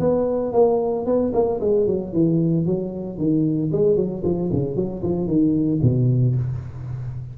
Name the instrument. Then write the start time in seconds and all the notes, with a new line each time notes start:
tuba
0.00 B3
0.53 A#3
1.06 B3
1.34 A#3
1.61 G#3
1.87 F#3
2.14 E3
2.66 F#3
3.18 D#3
3.73 G#3
3.97 F#3
4.25 F3
4.53 C#3
4.76 F#3
5.03 F3
5.28 D#3
5.83 B2